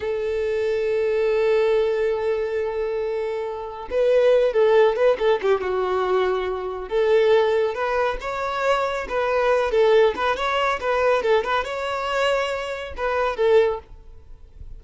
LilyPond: \new Staff \with { instrumentName = "violin" } { \time 4/4 \tempo 4 = 139 a'1~ | a'1~ | a'4 b'4. a'4 b'8 | a'8 g'8 fis'2. |
a'2 b'4 cis''4~ | cis''4 b'4. a'4 b'8 | cis''4 b'4 a'8 b'8 cis''4~ | cis''2 b'4 a'4 | }